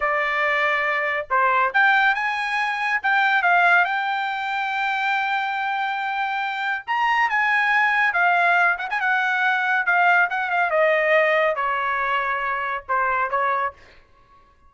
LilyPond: \new Staff \with { instrumentName = "trumpet" } { \time 4/4 \tempo 4 = 140 d''2. c''4 | g''4 gis''2 g''4 | f''4 g''2.~ | g''1 |
ais''4 gis''2 f''4~ | f''8 fis''16 gis''16 fis''2 f''4 | fis''8 f''8 dis''2 cis''4~ | cis''2 c''4 cis''4 | }